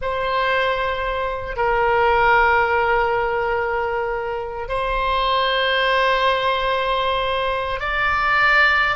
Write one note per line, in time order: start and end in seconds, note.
0.01 1.56 C5
1.56 4.68 A#4
4.68 7.80 C5
7.80 8.96 D5